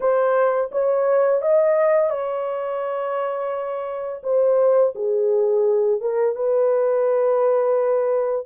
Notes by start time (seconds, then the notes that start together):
0.00 C5
0.71 C#5
1.41 D#5
2.10 C#5
4.23 C5
4.95 G#4
6.00 A#4
6.35 B4